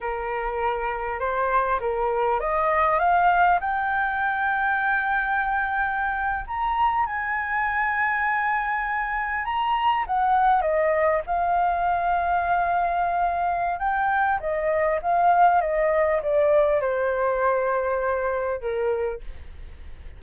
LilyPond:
\new Staff \with { instrumentName = "flute" } { \time 4/4 \tempo 4 = 100 ais'2 c''4 ais'4 | dis''4 f''4 g''2~ | g''2~ g''8. ais''4 gis''16~ | gis''2.~ gis''8. ais''16~ |
ais''8. fis''4 dis''4 f''4~ f''16~ | f''2. g''4 | dis''4 f''4 dis''4 d''4 | c''2. ais'4 | }